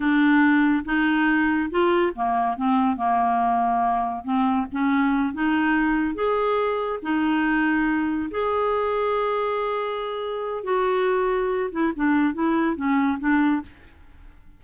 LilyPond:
\new Staff \with { instrumentName = "clarinet" } { \time 4/4 \tempo 4 = 141 d'2 dis'2 | f'4 ais4 c'4 ais4~ | ais2 c'4 cis'4~ | cis'8 dis'2 gis'4.~ |
gis'8 dis'2. gis'8~ | gis'1~ | gis'4 fis'2~ fis'8 e'8 | d'4 e'4 cis'4 d'4 | }